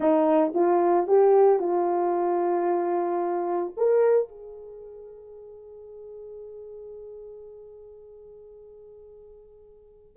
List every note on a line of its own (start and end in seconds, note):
0.00 0.53 D#4
0.54 1.07 F4
1.07 1.59 G4
1.59 3.73 F4
3.76 4.28 A#4
4.28 10.16 G#4